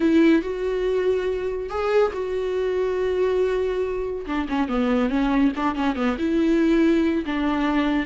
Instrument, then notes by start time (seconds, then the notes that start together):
viola
0.00 E4
0.42 F#4
1.69 G#4
2.13 F#4
4.26 D4
4.48 C#4
4.68 B3
5.09 C#4
5.56 D4
5.75 C#4
5.95 B3
6.18 E4
7.25 D4